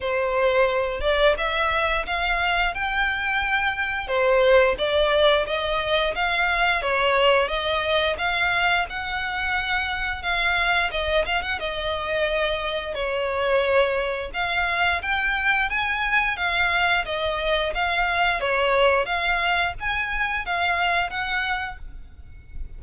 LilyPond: \new Staff \with { instrumentName = "violin" } { \time 4/4 \tempo 4 = 88 c''4. d''8 e''4 f''4 | g''2 c''4 d''4 | dis''4 f''4 cis''4 dis''4 | f''4 fis''2 f''4 |
dis''8 f''16 fis''16 dis''2 cis''4~ | cis''4 f''4 g''4 gis''4 | f''4 dis''4 f''4 cis''4 | f''4 gis''4 f''4 fis''4 | }